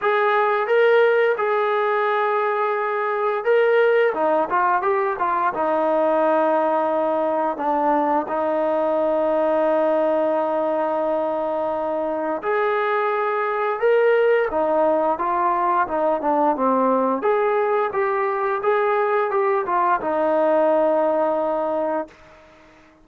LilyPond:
\new Staff \with { instrumentName = "trombone" } { \time 4/4 \tempo 4 = 87 gis'4 ais'4 gis'2~ | gis'4 ais'4 dis'8 f'8 g'8 f'8 | dis'2. d'4 | dis'1~ |
dis'2 gis'2 | ais'4 dis'4 f'4 dis'8 d'8 | c'4 gis'4 g'4 gis'4 | g'8 f'8 dis'2. | }